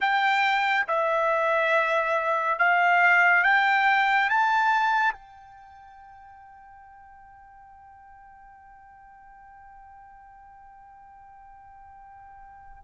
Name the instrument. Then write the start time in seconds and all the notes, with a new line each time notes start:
trumpet
0.00 G5
0.87 E5
2.58 F5
3.43 G5
4.29 A5
5.12 G5